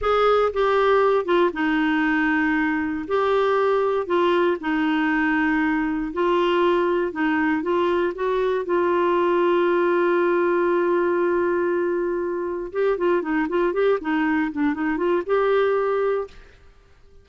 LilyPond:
\new Staff \with { instrumentName = "clarinet" } { \time 4/4 \tempo 4 = 118 gis'4 g'4. f'8 dis'4~ | dis'2 g'2 | f'4 dis'2. | f'2 dis'4 f'4 |
fis'4 f'2.~ | f'1~ | f'4 g'8 f'8 dis'8 f'8 g'8 dis'8~ | dis'8 d'8 dis'8 f'8 g'2 | }